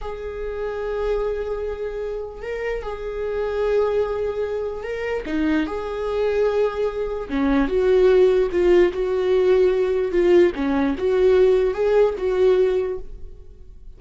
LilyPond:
\new Staff \with { instrumentName = "viola" } { \time 4/4 \tempo 4 = 148 gis'1~ | gis'2 ais'4 gis'4~ | gis'1 | ais'4 dis'4 gis'2~ |
gis'2 cis'4 fis'4~ | fis'4 f'4 fis'2~ | fis'4 f'4 cis'4 fis'4~ | fis'4 gis'4 fis'2 | }